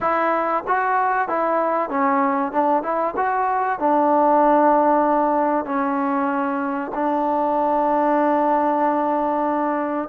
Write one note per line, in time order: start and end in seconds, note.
0.00 0.63 E4
0.67 1.28 F#4
1.28 1.89 E4
1.89 2.51 C#4
2.51 2.82 D4
2.82 3.14 E4
3.16 3.79 F#4
3.79 5.65 D4
5.65 6.91 C#4
6.94 10.08 D4